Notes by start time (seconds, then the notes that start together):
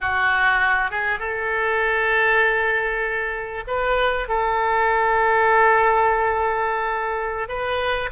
0.00 F#4
0.90 G#4
1.19 A4
3.67 B4
4.28 A4
7.48 B4